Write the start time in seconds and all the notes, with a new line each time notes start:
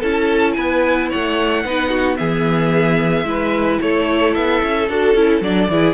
0.00 C#4 E4 A4 A5
0.53 B3 B4 G#5
1.10 A3 C#5 F#5
1.64 B3 D#4 B4
1.90 F#4
2.17 E3 B3 G#4 E5
3.24 G#3 E4 B4
3.81 A3 A4 C#5
4.34 B3 E5
4.63 C#4
4.89 D4 F#4 A4
5.15 C#4 E4
5.41 F#3 D4 D5
5.69 E3 E4 G#4